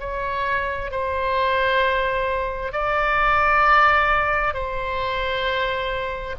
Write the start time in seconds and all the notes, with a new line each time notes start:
0.00 C#5
0.91 C5
2.72 D5
4.54 C5